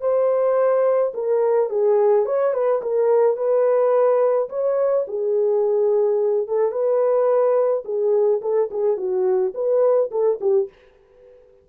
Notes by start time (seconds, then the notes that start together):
0.00 C5
1.13 A#4
1.69 G#4
2.25 C#5
2.53 B4
2.81 A#4
3.36 B4
4.49 C#5
5.07 G#4
6.47 A4
6.71 B4
7.85 G#4
8.41 A4
8.70 G#4
8.97 F#4
9.54 B4
10.11 A4
10.40 G4